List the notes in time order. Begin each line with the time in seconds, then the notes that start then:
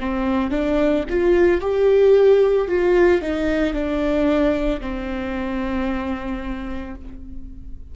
0.00 C4
0.51 D4
1.10 F4
1.62 G4
2.68 F4
3.22 D#4
3.74 D4
4.81 C4